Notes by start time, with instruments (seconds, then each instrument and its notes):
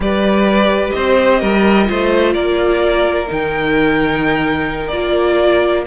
0.00 cello G3, viola G4, violin B4 D5
0.90 cello C4, violin C5 D#5
1.40 cello G3, violin A#4
1.84 cello A3, viola F4, violin C5
2.33 cello A#3, violin A#4 D5
3.27 cello D#3, viola D#4, violin G5
4.87 cello A#3, viola F4, violin D5